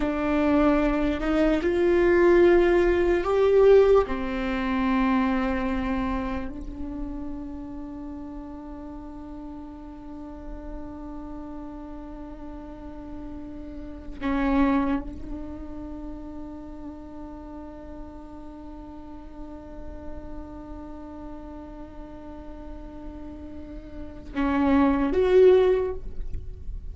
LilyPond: \new Staff \with { instrumentName = "viola" } { \time 4/4 \tempo 4 = 74 d'4. dis'8 f'2 | g'4 c'2. | d'1~ | d'1~ |
d'4. cis'4 d'4.~ | d'1~ | d'1~ | d'2 cis'4 fis'4 | }